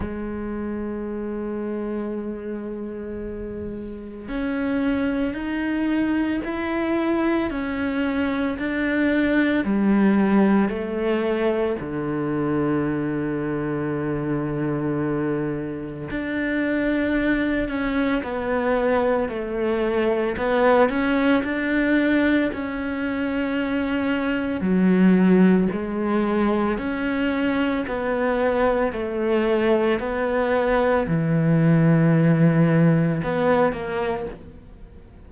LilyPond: \new Staff \with { instrumentName = "cello" } { \time 4/4 \tempo 4 = 56 gis1 | cis'4 dis'4 e'4 cis'4 | d'4 g4 a4 d4~ | d2. d'4~ |
d'8 cis'8 b4 a4 b8 cis'8 | d'4 cis'2 fis4 | gis4 cis'4 b4 a4 | b4 e2 b8 ais8 | }